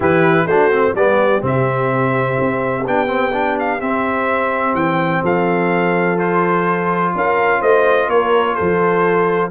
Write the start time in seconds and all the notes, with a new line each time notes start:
0.00 E3 E4 G4 B4
0.45 A3 D4 F#4 C5
0.71 C4
0.94 G3 B3 G4 D5
1.41 C3 C4 E5
2.40 C4
2.86 B3 D4 G5
3.07 C4
3.33 D4
3.59 F5
3.80 C4 E5
4.73 E3 G5
5.23 F3 A4 F5
6.17 F4 C5
7.14 C#4 A#4 F5
7.60 A3 C5 D#5
8.08 A#3 A#4 C#5
8.55 F3 A4 C5